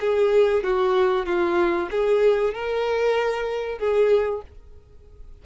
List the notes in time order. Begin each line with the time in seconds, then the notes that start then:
0.00 G#4
0.63 F#4
1.25 F4
1.91 G#4
2.53 A#4
3.78 G#4